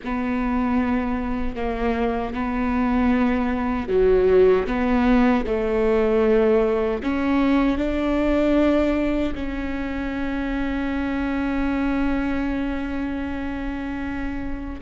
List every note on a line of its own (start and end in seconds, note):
0.04 1.55 B3
1.55 2.33 A#3
2.33 3.88 B3
3.88 4.66 F#3
4.66 5.44 B3
5.46 7.02 A3
7.03 7.77 C#4
7.77 9.33 D4
9.35 14.80 C#4